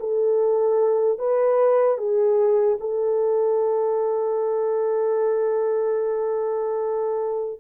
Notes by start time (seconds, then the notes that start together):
0.00 A4
1.19 B4
1.98 G#4
2.81 A4